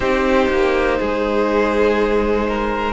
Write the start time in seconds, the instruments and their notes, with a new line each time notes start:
0.00 cello C4, viola D#4, violin G4 C5
0.49 cello A#3
0.99 cello G#3, violin G#4
2.48 violin A#4